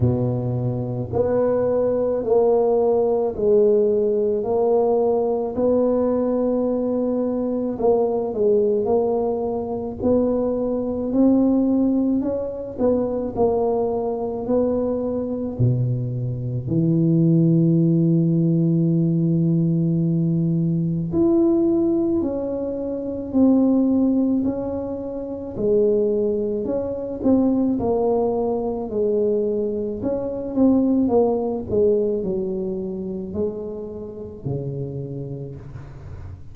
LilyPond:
\new Staff \with { instrumentName = "tuba" } { \time 4/4 \tempo 4 = 54 b,4 b4 ais4 gis4 | ais4 b2 ais8 gis8 | ais4 b4 c'4 cis'8 b8 | ais4 b4 b,4 e4~ |
e2. e'4 | cis'4 c'4 cis'4 gis4 | cis'8 c'8 ais4 gis4 cis'8 c'8 | ais8 gis8 fis4 gis4 cis4 | }